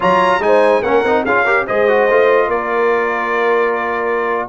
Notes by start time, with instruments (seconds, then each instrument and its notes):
0.00 tuba F#3, trombone F4, horn C#5, trumpet A#5
0.38 tuba G#3, trombone D#4, trumpet G#5
0.45 horn C5
0.82 tuba A#3, trombone C#4, horn A#4, trumpet F#5
1.04 tuba C4, trombone D#4
1.25 tuba C#4, trombone F4, horn G#4, trumpet F5
1.44 trombone G4, horn A#4
1.66 tuba G#3, trombone G#4, horn C5, trumpet D#5
1.88 trombone F#4
2.10 tuba A3, trombone F4
2.48 tuba A#3, horn A#4, trumpet D5